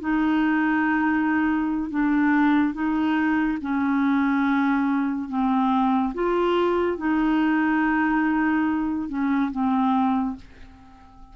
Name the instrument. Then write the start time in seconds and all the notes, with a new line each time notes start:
clarinet
0.00 D#4
1.90 D4
2.73 D#4
3.61 C#4
5.29 C4
6.14 F4
6.97 D#4
9.08 C#4
9.51 C4